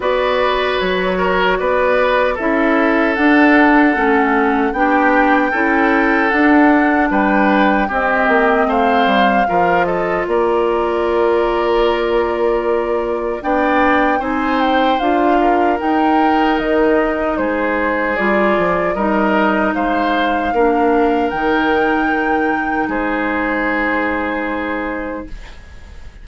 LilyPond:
<<
  \new Staff \with { instrumentName = "flute" } { \time 4/4 \tempo 4 = 76 d''4 cis''4 d''4 e''4 | fis''2 g''2 | fis''4 g''4 dis''4 f''4~ | f''8 dis''8 d''2.~ |
d''4 g''4 gis''8 g''8 f''4 | g''4 dis''4 c''4 d''4 | dis''4 f''2 g''4~ | g''4 c''2. | }
  \new Staff \with { instrumentName = "oboe" } { \time 4/4 b'4. ais'8 b'4 a'4~ | a'2 g'4 a'4~ | a'4 b'4 g'4 c''4 | ais'8 a'8 ais'2.~ |
ais'4 d''4 c''4. ais'8~ | ais'2 gis'2 | ais'4 c''4 ais'2~ | ais'4 gis'2. | }
  \new Staff \with { instrumentName = "clarinet" } { \time 4/4 fis'2. e'4 | d'4 cis'4 d'4 e'4 | d'2 c'2 | f'1~ |
f'4 d'4 dis'4 f'4 | dis'2. f'4 | dis'2 d'4 dis'4~ | dis'1 | }
  \new Staff \with { instrumentName = "bassoon" } { \time 4/4 b4 fis4 b4 cis'4 | d'4 a4 b4 cis'4 | d'4 g4 c'8 ais8 a8 g8 | f4 ais2.~ |
ais4 b4 c'4 d'4 | dis'4 dis4 gis4 g8 f8 | g4 gis4 ais4 dis4~ | dis4 gis2. | }
>>